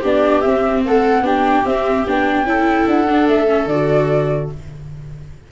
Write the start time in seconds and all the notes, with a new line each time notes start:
0.00 B3 D4 G4 D5
0.41 C4 E5
0.85 A3 A4 F#5
1.21 B3 D4 G4 G5
1.63 C4 E5
2.06 B3 D4 G5
2.43 C#4 E4 A4
2.87 D4 F#5
3.07 D4
3.27 A3 E5
3.46 C#4
3.65 D3 F#4 D5